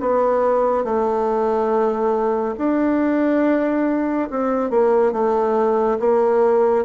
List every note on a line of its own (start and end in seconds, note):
0.00 0.84 B3
0.84 2.55 A3
2.58 4.29 D4
4.30 4.70 C4
4.70 5.12 A#3
5.12 5.98 A3
5.99 6.85 A#3